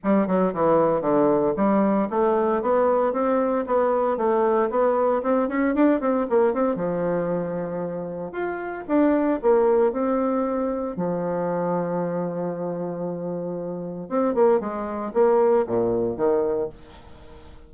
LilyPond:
\new Staff \with { instrumentName = "bassoon" } { \time 4/4 \tempo 4 = 115 g8 fis8 e4 d4 g4 | a4 b4 c'4 b4 | a4 b4 c'8 cis'8 d'8 c'8 | ais8 c'8 f2. |
f'4 d'4 ais4 c'4~ | c'4 f2.~ | f2. c'8 ais8 | gis4 ais4 ais,4 dis4 | }